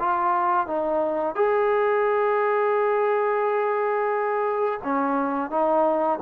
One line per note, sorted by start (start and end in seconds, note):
0.00 0.67 F4
0.67 1.36 D#4
1.36 4.81 G#4
4.84 5.51 C#4
5.51 6.20 D#4